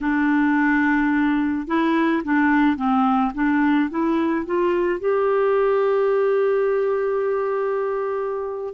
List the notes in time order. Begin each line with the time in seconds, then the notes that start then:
0.00 D4
1.67 E4
2.24 D4
2.76 C4
3.34 D4
3.90 E4
4.45 F4
5.00 G4